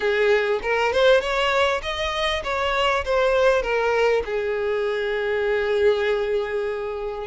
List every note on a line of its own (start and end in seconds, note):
0.00 0.60 G#4
0.62 0.92 A#4
0.93 1.20 C5
1.20 1.81 C#5
1.82 2.42 D#5
2.43 3.04 C#5
3.05 3.62 C5
3.62 4.23 A#4
4.25 7.27 G#4